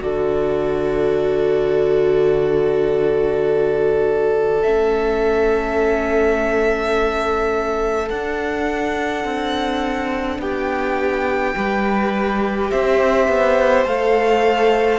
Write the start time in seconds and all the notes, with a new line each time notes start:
0.00 D3 F#4 A4 D5
4.62 A3 C#4 E5
8.10 D4 F#5
9.25 C4
10.38 B3 G4 G5
11.55 G3 G4 B4
12.70 C4 C5 E5
13.27 B3
13.85 A3 A4 F5